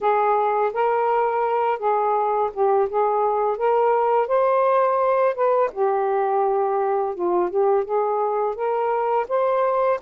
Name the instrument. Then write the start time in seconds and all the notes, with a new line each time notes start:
saxophone
0.00 G#4
0.73 A#4
1.79 G#4
2.53 G4
2.89 G#4
3.57 A#4
4.27 C5
5.34 B4
5.72 G4
7.14 F4
7.50 G4
7.84 G#4
8.55 A#4
9.28 C5